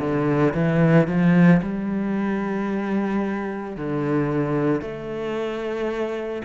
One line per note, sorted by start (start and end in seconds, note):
0.00 0.54 D3
0.54 1.08 E3
1.08 1.61 F3
1.62 3.76 G3
3.76 4.81 D3
4.81 6.42 A3